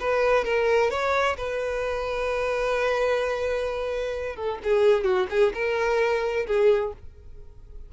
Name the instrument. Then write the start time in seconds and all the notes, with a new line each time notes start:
violin
0.00 B4
0.45 A#4
0.90 C#5
1.38 B4
4.36 A4
4.64 G#4
5.04 F#4
5.30 G#4
5.54 A#4
6.47 G#4